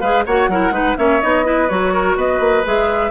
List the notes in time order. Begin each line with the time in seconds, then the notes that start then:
0.00 G#3 G#4 B4 F5
0.26 A#3 F#4 C#5 F#5
0.48 F#3 E4 A#4
0.70 G#3 D#4 B4
0.97 A#3 C#4 C#5 E5
1.21 B3 D#4 D#5
1.44 E4 B4
1.69 F#3 F#4 C#5
1.93 A#4
2.16 B3 B4 D#5
2.39 A#3
2.65 G#3 G#4 E5